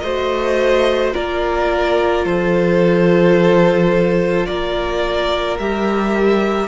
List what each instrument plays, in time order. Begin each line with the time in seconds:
0.00 cello A3, viola F#4, violin C5 D#5
1.14 cello A#3, viola F4, violin A#4 D5
2.25 cello F3, violin A4 C5
4.46 cello A#3, violin A#4 D5
5.59 cello G3, viola G4, violin E5